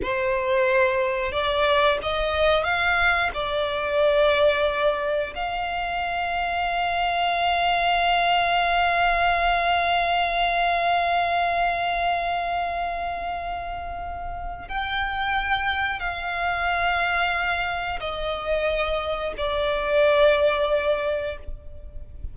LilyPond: \new Staff \with { instrumentName = "violin" } { \time 4/4 \tempo 4 = 90 c''2 d''4 dis''4 | f''4 d''2. | f''1~ | f''1~ |
f''1~ | f''2 g''2 | f''2. dis''4~ | dis''4 d''2. | }